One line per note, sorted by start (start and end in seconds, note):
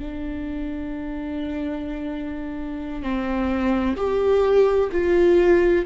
0.00 3.03 D4
3.03 3.97 C4
3.97 4.90 G4
4.93 5.86 F4